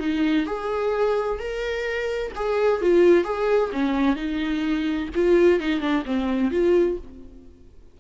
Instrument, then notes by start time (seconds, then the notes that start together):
viola
0.00 D#4
0.47 G#4
1.39 A#4
2.36 G#4
2.82 F4
3.25 G#4
3.73 C#4
4.16 D#4
5.16 F4
5.60 D#4
5.81 D4
6.06 C4
6.51 F4